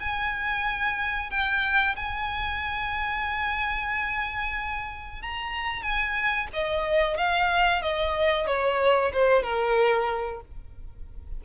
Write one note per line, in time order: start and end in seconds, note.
0.00 1.30 G#5
1.30 1.95 G5
1.96 5.22 G#5
5.22 5.82 A#5
5.82 6.47 G#5
6.53 7.17 D#5
7.17 7.82 F5
7.82 8.47 D#5
8.47 9.12 C#5
9.13 9.43 C5
9.43 10.41 A#4